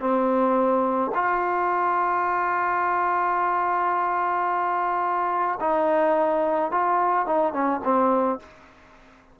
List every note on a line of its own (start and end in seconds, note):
0.00 1.11 C4
1.14 5.59 F4
5.60 6.71 D#4
6.71 7.26 F4
7.26 7.53 D#4
7.53 7.81 C#4
7.84 8.39 C4